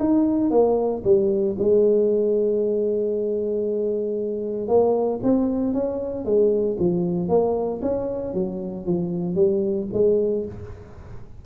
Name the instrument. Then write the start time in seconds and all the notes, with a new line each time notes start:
tuba
0.00 D#4
0.51 A#3
1.05 G3
1.59 G#3
4.68 A#3
5.24 C4
5.74 C#4
6.25 G#3
6.80 F3
7.29 A#3
7.82 C#4
8.34 F#3
8.86 F3
9.35 G3
9.94 G#3